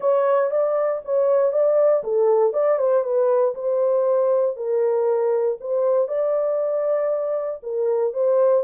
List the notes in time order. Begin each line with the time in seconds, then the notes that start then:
0.00 C#5
0.50 D5
1.04 C#5
1.52 D5
2.03 A4
2.53 D5
2.78 C5
3.03 B4
3.54 C5
4.56 A#4
5.60 C5
6.08 D5
7.62 A#4
8.13 C5